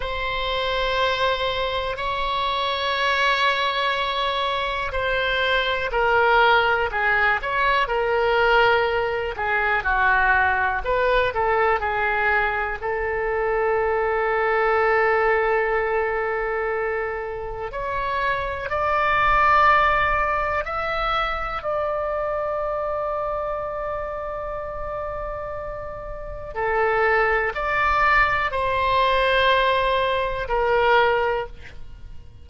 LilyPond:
\new Staff \with { instrumentName = "oboe" } { \time 4/4 \tempo 4 = 61 c''2 cis''2~ | cis''4 c''4 ais'4 gis'8 cis''8 | ais'4. gis'8 fis'4 b'8 a'8 | gis'4 a'2.~ |
a'2 cis''4 d''4~ | d''4 e''4 d''2~ | d''2. a'4 | d''4 c''2 ais'4 | }